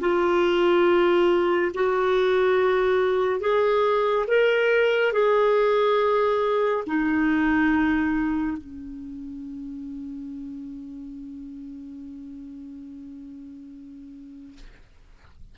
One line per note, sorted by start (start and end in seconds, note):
0.00 1.71 F4
1.74 3.40 F#4
3.40 4.25 G#4
4.27 5.12 A#4
5.12 6.84 G#4
6.86 8.57 D#4
8.57 14.57 C#4